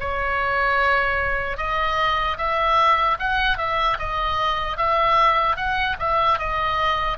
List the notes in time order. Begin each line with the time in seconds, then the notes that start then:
0.00 C#5
1.57 D#5
2.37 E5
3.19 F#5
3.57 E5
3.99 D#5
4.77 E5
5.56 F#5
5.99 E5
6.39 D#5